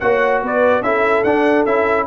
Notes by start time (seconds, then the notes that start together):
0.00 A#3 F#4 C#5 F#5
0.43 B3 B4 D5
0.81 C#4 E4 A4 E5
1.24 D4 F#5
1.66 C#4 E4 E5